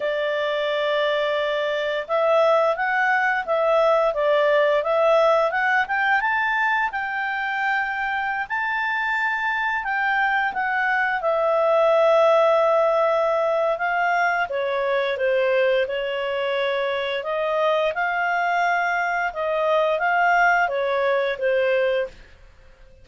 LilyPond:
\new Staff \with { instrumentName = "clarinet" } { \time 4/4 \tempo 4 = 87 d''2. e''4 | fis''4 e''4 d''4 e''4 | fis''8 g''8 a''4 g''2~ | g''16 a''2 g''4 fis''8.~ |
fis''16 e''2.~ e''8. | f''4 cis''4 c''4 cis''4~ | cis''4 dis''4 f''2 | dis''4 f''4 cis''4 c''4 | }